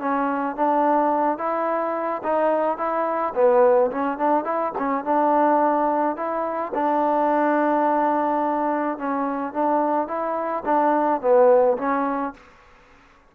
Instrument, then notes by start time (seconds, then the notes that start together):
trombone
0.00 C#4
0.56 D4
1.38 E4
2.24 D#4
2.78 E4
3.35 B3
3.92 C#4
4.19 D4
4.45 E4
4.79 C#4
5.05 D4
6.17 E4
6.75 D4
8.98 C#4
9.53 D4
10.08 E4
10.65 D4
11.21 B3
11.78 C#4